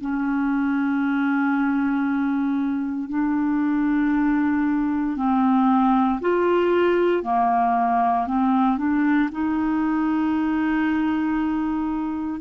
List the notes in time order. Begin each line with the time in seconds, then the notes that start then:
0.00 C#4
3.09 D4
5.16 C4
6.20 F4
7.23 A#3
8.27 C4
8.77 D4
9.31 D#4